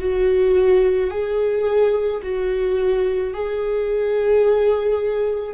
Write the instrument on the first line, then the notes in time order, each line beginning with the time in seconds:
viola
0.00 F#4
1.11 G#4
2.23 F#4
3.34 G#4